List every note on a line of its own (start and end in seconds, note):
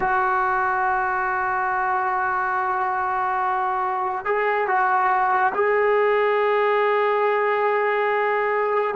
0.00 4.25 F#4
4.25 4.67 G#4
4.67 5.52 F#4
5.54 8.94 G#4